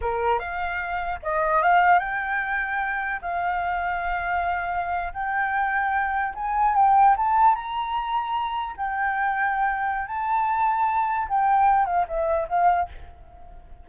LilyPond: \new Staff \with { instrumentName = "flute" } { \time 4/4 \tempo 4 = 149 ais'4 f''2 dis''4 | f''4 g''2. | f''1~ | f''8. g''2. gis''16~ |
gis''8. g''4 a''4 ais''4~ ais''16~ | ais''4.~ ais''16 g''2~ g''16~ | g''4 a''2. | g''4. f''8 e''4 f''4 | }